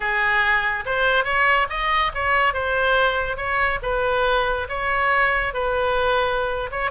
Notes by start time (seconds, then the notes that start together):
0.00 G#4
0.85 C5
1.24 C#5
1.69 D#5
2.14 C#5
2.53 C5
3.36 C#5
3.82 B4
4.68 C#5
5.53 B4
6.71 C#5